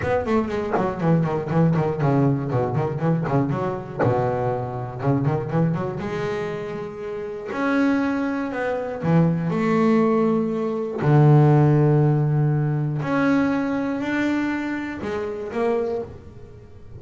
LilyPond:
\new Staff \with { instrumentName = "double bass" } { \time 4/4 \tempo 4 = 120 b8 a8 gis8 fis8 e8 dis8 e8 dis8 | cis4 b,8 dis8 e8 cis8 fis4 | b,2 cis8 dis8 e8 fis8 | gis2. cis'4~ |
cis'4 b4 e4 a4~ | a2 d2~ | d2 cis'2 | d'2 gis4 ais4 | }